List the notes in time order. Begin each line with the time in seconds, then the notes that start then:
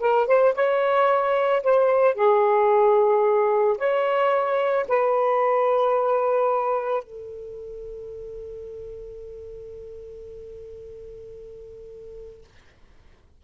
0.00 A#4
0.27 C5
0.55 C#5
1.63 C5
2.15 G#4
3.78 C#5
4.88 B4
7.03 A4